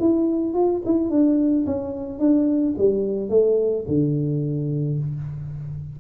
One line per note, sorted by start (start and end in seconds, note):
0.00 0.54 E4
0.54 0.82 F4
0.86 1.10 E4
1.10 1.66 D4
1.66 2.19 C#4
2.19 2.75 D4
2.78 3.30 G3
3.30 3.85 A3
3.88 4.99 D3